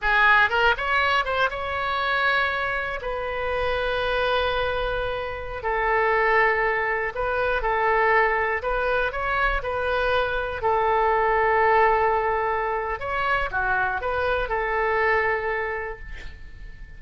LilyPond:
\new Staff \with { instrumentName = "oboe" } { \time 4/4 \tempo 4 = 120 gis'4 ais'8 cis''4 c''8 cis''4~ | cis''2 b'2~ | b'2.~ b'16 a'8.~ | a'2~ a'16 b'4 a'8.~ |
a'4~ a'16 b'4 cis''4 b'8.~ | b'4~ b'16 a'2~ a'8.~ | a'2 cis''4 fis'4 | b'4 a'2. | }